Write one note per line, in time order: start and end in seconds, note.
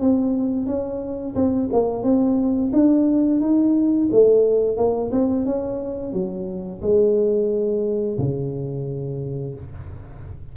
0.00 0.66 C4
0.66 1.34 C#4
1.35 1.69 C4
1.72 2.03 A#3
2.03 2.71 C4
2.72 3.40 D4
3.40 4.08 D#4
4.12 4.76 A3
4.76 5.10 A#3
5.11 5.45 C4
5.45 6.12 C#4
6.12 6.81 F#3
6.81 8.18 G#3
8.18 9.54 C#3